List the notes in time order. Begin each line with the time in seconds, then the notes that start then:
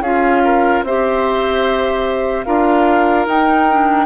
0.00 C#4 F4 G#4 F5
0.44 A#4
0.84 C4 G4 C5 E5
2.44 D4 F4 A#4 F5
3.26 D#4 G5
3.70 D4